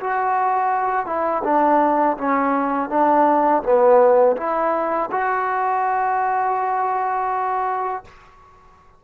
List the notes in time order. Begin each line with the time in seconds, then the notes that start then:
0.00 F#4
1.06 E4
1.43 D4
2.17 C#4
2.89 D4
3.63 B3
4.36 E4
5.11 F#4